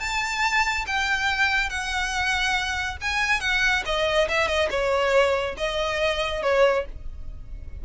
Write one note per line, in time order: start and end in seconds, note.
0.00 0.85 A5
0.87 1.70 G5
1.70 2.97 F#5
3.01 3.41 G#5
3.41 3.83 F#5
3.85 4.28 D#5
4.28 4.48 E5
4.48 4.69 D#5
4.71 5.56 C#5
5.57 6.42 D#5
6.43 6.85 C#5